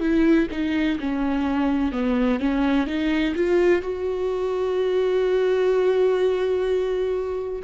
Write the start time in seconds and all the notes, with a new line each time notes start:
0.00 E4
0.51 D#4
1.00 C#4
1.92 B3
2.39 C#4
2.87 D#4
3.35 F4
3.82 F#4